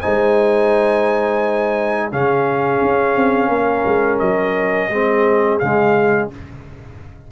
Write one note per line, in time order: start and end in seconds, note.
0.00 2.12 G#3
0.00 2.11 D#4
0.00 2.09 C5
0.00 2.10 G#5
2.09 2.81 C#3
2.09 4.90 C#4
2.09 3.48 G#4
2.09 4.19 F5
2.81 3.15 C#4
3.15 3.48 C4
3.48 3.83 A#3
3.48 4.88 A#4
3.85 4.20 G#3
4.19 4.90 F#3
4.19 5.58 D#5
4.90 5.59 G#3
4.90 5.61 C4
4.90 6.30 G#4
5.59 6.31 C#3
5.59 6.31 G#3
5.59 6.28 F5